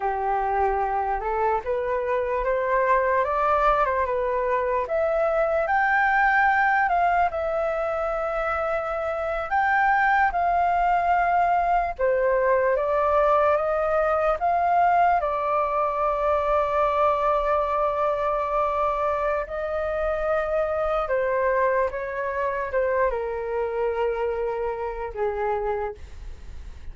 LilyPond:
\new Staff \with { instrumentName = "flute" } { \time 4/4 \tempo 4 = 74 g'4. a'8 b'4 c''4 | d''8. c''16 b'4 e''4 g''4~ | g''8 f''8 e''2~ e''8. g''16~ | g''8. f''2 c''4 d''16~ |
d''8. dis''4 f''4 d''4~ d''16~ | d''1 | dis''2 c''4 cis''4 | c''8 ais'2~ ais'8 gis'4 | }